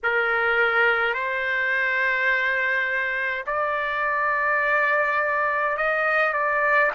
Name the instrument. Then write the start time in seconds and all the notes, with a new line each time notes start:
trumpet
0.03 A#4
1.13 C5
3.46 D5
5.77 D#5
6.33 D5